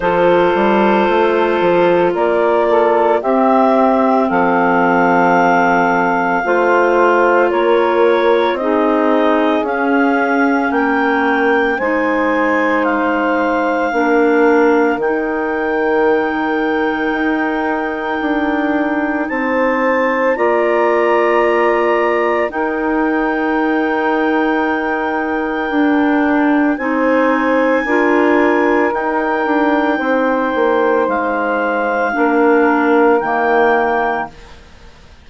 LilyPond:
<<
  \new Staff \with { instrumentName = "clarinet" } { \time 4/4 \tempo 4 = 56 c''2 d''4 e''4 | f''2. cis''4 | dis''4 f''4 g''4 gis''4 | f''2 g''2~ |
g''2 a''4 ais''4~ | ais''4 g''2.~ | g''4 gis''2 g''4~ | g''4 f''2 g''4 | }
  \new Staff \with { instrumentName = "saxophone" } { \time 4/4 a'2 ais'8 a'8 g'4 | a'2 c''4 ais'4 | gis'2 ais'4 c''4~ | c''4 ais'2.~ |
ais'2 c''4 d''4~ | d''4 ais'2.~ | ais'4 c''4 ais'2 | c''2 ais'2 | }
  \new Staff \with { instrumentName = "clarinet" } { \time 4/4 f'2. c'4~ | c'2 f'2 | dis'4 cis'2 dis'4~ | dis'4 d'4 dis'2~ |
dis'2. f'4~ | f'4 dis'2. | d'4 dis'4 f'4 dis'4~ | dis'2 d'4 ais4 | }
  \new Staff \with { instrumentName = "bassoon" } { \time 4/4 f8 g8 a8 f8 ais4 c'4 | f2 a4 ais4 | c'4 cis'4 ais4 gis4~ | gis4 ais4 dis2 |
dis'4 d'4 c'4 ais4~ | ais4 dis'2. | d'4 c'4 d'4 dis'8 d'8 | c'8 ais8 gis4 ais4 dis4 | }
>>